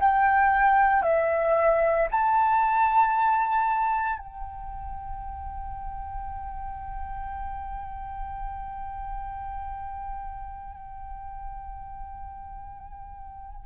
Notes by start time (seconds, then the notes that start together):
0.00 G5
1.02 E5
2.11 A5
4.19 G5